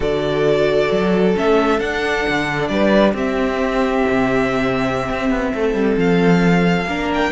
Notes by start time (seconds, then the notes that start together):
0.00 D3 F#4 A4 D5
0.91 F#3
1.35 A3 C#4 E5
1.79 D4 F#5
2.28 D3
2.67 G3 B4 D5
3.13 C4 G4 E5
4.08 C3
5.10 C4
5.30 B3
5.54 A3 A4
5.73 G3
5.97 F3 F5
6.85 A#3 D4 A#4
7.14 G5